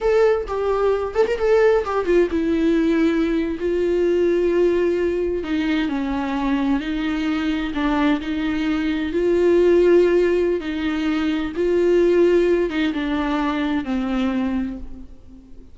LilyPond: \new Staff \with { instrumentName = "viola" } { \time 4/4 \tempo 4 = 130 a'4 g'4. a'16 ais'16 a'4 | g'8 f'8 e'2~ e'8. f'16~ | f'2.~ f'8. dis'16~ | dis'8. cis'2 dis'4~ dis'16~ |
dis'8. d'4 dis'2 f'16~ | f'2. dis'4~ | dis'4 f'2~ f'8 dis'8 | d'2 c'2 | }